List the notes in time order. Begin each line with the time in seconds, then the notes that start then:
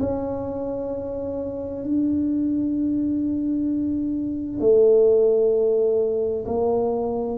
0.00 C#4
1.84 D4
4.60 A3
6.45 A#3